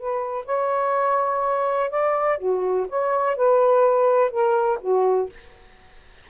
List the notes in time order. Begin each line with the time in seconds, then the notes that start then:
0.00 B4
0.46 C#5
1.91 D5
2.39 F#4
2.89 C#5
3.37 B4
4.31 A#4
4.82 F#4